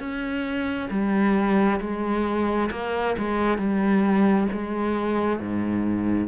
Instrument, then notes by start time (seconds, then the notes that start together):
cello
0.00 C#4
0.91 G3
1.81 G#3
2.72 A#3
3.18 G#3
3.58 G3
4.53 G#3
5.40 G#2